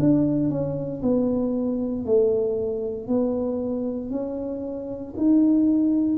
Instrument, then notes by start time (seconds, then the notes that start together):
tuba
0.00 D4
0.50 C#4
1.03 B3
2.06 A3
3.08 B3
4.11 C#4
5.17 D#4